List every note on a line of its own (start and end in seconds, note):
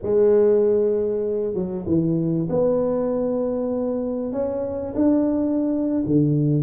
0.02 1.54 G#3
1.54 1.84 F#3
1.86 2.48 E3
2.49 4.32 B3
4.32 4.94 C#4
4.95 6.03 D4
6.06 6.62 D3